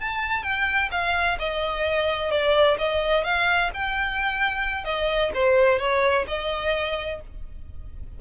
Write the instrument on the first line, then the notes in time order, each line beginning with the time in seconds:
violin
0.00 A5
0.43 G5
0.91 F5
1.39 D#5
2.31 D5
2.78 D#5
3.24 F5
3.74 G5
4.85 D#5
5.34 C5
5.79 C#5
6.27 D#5